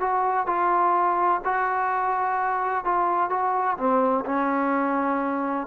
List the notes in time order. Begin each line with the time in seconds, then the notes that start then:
0.00 F#4
0.46 F4
1.45 F#4
2.85 F4
3.30 F#4
3.77 C4
4.25 C#4